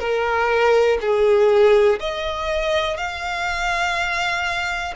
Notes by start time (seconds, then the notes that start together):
0.00 A#4
1.01 G#4
2.00 D#5
2.97 F5